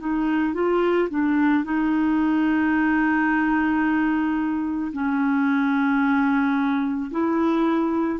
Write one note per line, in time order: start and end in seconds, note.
0.00 0.54 D#4
0.54 1.09 F4
1.10 1.65 D4
1.65 4.92 D#4
4.93 7.11 C#4
7.11 8.20 E4